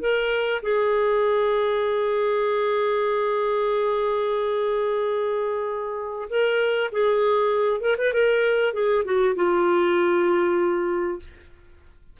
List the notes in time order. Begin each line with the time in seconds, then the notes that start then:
0.00 A#4
0.62 G#4
6.29 A#4
6.92 G#4
7.81 A#4
7.98 B4
8.13 A#4
8.73 G#4
9.04 F#4
9.35 F4